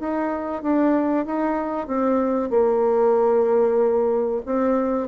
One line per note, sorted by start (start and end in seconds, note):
0.00 0.63 D#4
0.63 1.26 D4
1.26 1.88 D#4
1.88 2.50 C4
2.50 4.42 A#3
4.46 5.08 C4